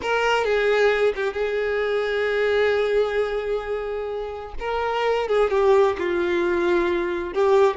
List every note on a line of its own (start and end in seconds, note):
0.02 0.44 A#4
0.44 1.13 G#4
1.15 1.33 G4
1.33 4.53 G#4
4.59 5.28 A#4
5.28 5.50 G#4
5.50 5.96 G4
5.98 7.33 F4
7.33 7.76 G4